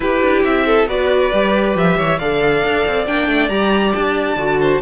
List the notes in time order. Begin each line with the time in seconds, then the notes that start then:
0.00 E4 G4 B4
0.21 D4
0.44 C4 E5
0.66 A4
0.86 B3 F#4 B4 D5
1.32 G3 G4
1.74 F3 E5
1.97 E3 C#5
2.18 D3 A4 D5 F5
2.63 D4
2.86 C4
3.06 A#3 D4 G5
3.27 A3
3.48 G3 G4 A#5
3.93 D4 A5
4.35 D3 F#4
4.60 C5